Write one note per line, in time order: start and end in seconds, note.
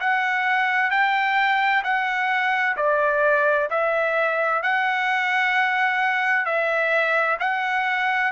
0.00 0.91 F#5
0.91 1.83 G5
1.84 2.76 F#5
2.77 3.69 D5
3.70 4.62 E5
4.62 6.45 F#5
6.45 7.38 E5
7.40 8.32 F#5